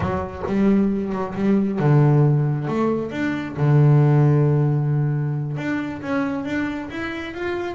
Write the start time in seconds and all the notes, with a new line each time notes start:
0.00 F#3
0.46 G3
1.12 F#3
1.35 G3
1.79 D3
2.67 A3
3.11 D4
3.56 D3
5.57 D4
6.02 C#4
6.44 D4
6.90 E4
7.34 F4